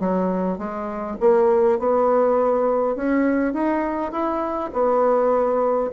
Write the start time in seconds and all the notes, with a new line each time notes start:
0.00 F#3
0.58 G#3
1.21 A#3
1.79 B3
2.96 C#4
3.54 D#4
4.12 E4
4.73 B3